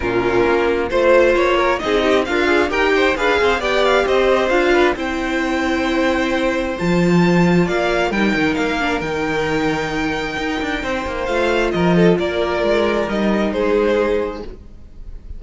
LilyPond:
<<
  \new Staff \with { instrumentName = "violin" } { \time 4/4 \tempo 4 = 133 ais'2 c''4 cis''4 | dis''4 f''4 g''4 f''4 | g''8 f''8 dis''4 f''4 g''4~ | g''2. a''4~ |
a''4 f''4 g''4 f''4 | g''1~ | g''4 f''4 dis''4 d''4~ | d''4 dis''4 c''2 | }
  \new Staff \with { instrumentName = "violin" } { \time 4/4 f'2 c''4. ais'8 | gis'8 g'8 f'4 ais'8 c''8 b'8 c''8 | d''4 c''4. b'8 c''4~ | c''1~ |
c''4 d''4 ais'2~ | ais'1 | c''2 ais'8 a'8 ais'4~ | ais'2 gis'2 | }
  \new Staff \with { instrumentName = "viola" } { \time 4/4 cis'2 f'2 | dis'4 ais'8 gis'8 g'4 gis'4 | g'2 f'4 e'4~ | e'2. f'4~ |
f'2 dis'4. d'8 | dis'1~ | dis'4 f'2.~ | f'4 dis'2. | }
  \new Staff \with { instrumentName = "cello" } { \time 4/4 ais,4 ais4 a4 ais4 | c'4 d'4 dis'4 d'8 c'8 | b4 c'4 d'4 c'4~ | c'2. f4~ |
f4 ais4 g8 dis8 ais4 | dis2. dis'8 d'8 | c'8 ais8 a4 f4 ais4 | gis4 g4 gis2 | }
>>